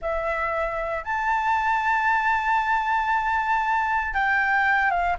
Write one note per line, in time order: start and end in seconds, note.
0.01 1.03 E5
1.03 4.14 A5
4.14 4.90 G5
4.90 5.16 F5